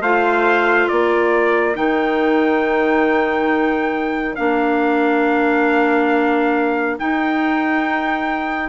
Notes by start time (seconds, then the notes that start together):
0.00 A3 F4 C5 F5
0.88 A#3 A#4 D5
1.74 D#3 D#4 G5
4.35 A#3 D4 F5
6.98 D#4 G5